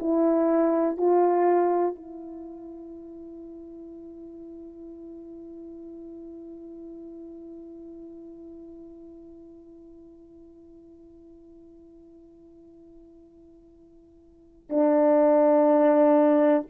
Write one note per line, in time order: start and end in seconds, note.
0.00 0.98 E4
0.98 1.95 F4
1.95 14.70 E4
14.70 16.67 D4